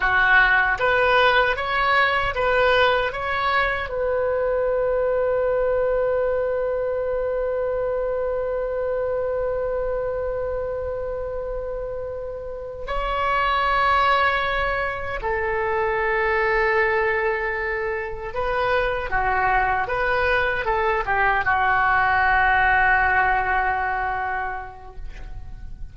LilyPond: \new Staff \with { instrumentName = "oboe" } { \time 4/4 \tempo 4 = 77 fis'4 b'4 cis''4 b'4 | cis''4 b'2.~ | b'1~ | b'1~ |
b'8 cis''2. a'8~ | a'2.~ a'8 b'8~ | b'8 fis'4 b'4 a'8 g'8 fis'8~ | fis'1 | }